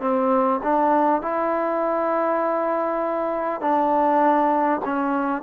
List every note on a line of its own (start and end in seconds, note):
0.00 0.60 C4
0.63 1.21 D4
1.21 3.61 E4
3.61 4.81 D4
4.85 5.42 C#4